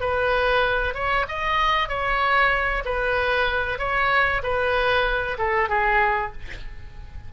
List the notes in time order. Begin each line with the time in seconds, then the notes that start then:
0.00 B4
0.94 C#5
1.28 D#5
1.89 C#5
2.85 B4
3.79 C#5
4.43 B4
5.38 A4
5.69 G#4